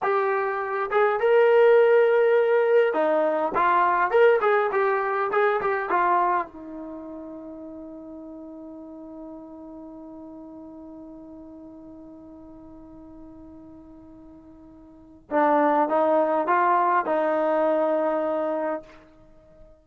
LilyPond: \new Staff \with { instrumentName = "trombone" } { \time 4/4 \tempo 4 = 102 g'4. gis'8 ais'2~ | ais'4 dis'4 f'4 ais'8 gis'8 | g'4 gis'8 g'8 f'4 dis'4~ | dis'1~ |
dis'1~ | dis'1~ | dis'2 d'4 dis'4 | f'4 dis'2. | }